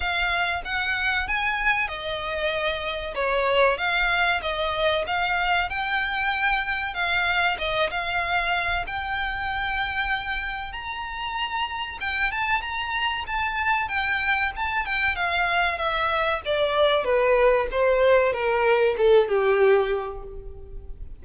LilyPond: \new Staff \with { instrumentName = "violin" } { \time 4/4 \tempo 4 = 95 f''4 fis''4 gis''4 dis''4~ | dis''4 cis''4 f''4 dis''4 | f''4 g''2 f''4 | dis''8 f''4. g''2~ |
g''4 ais''2 g''8 a''8 | ais''4 a''4 g''4 a''8 g''8 | f''4 e''4 d''4 b'4 | c''4 ais'4 a'8 g'4. | }